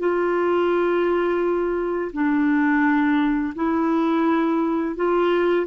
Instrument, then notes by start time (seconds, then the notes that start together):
clarinet
0.00 F4
2.13 D4
3.56 E4
4.96 F4